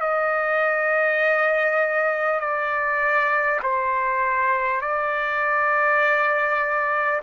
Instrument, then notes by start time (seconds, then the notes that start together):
trumpet
0.00 D#5
2.39 D5
3.63 C5
4.81 D5